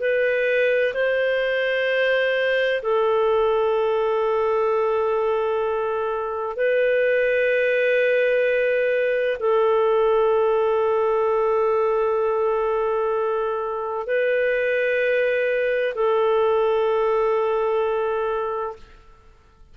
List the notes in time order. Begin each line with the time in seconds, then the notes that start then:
0.00 B4
0.94 C5
2.82 A4
6.56 B4
9.40 A4
14.07 B4
15.95 A4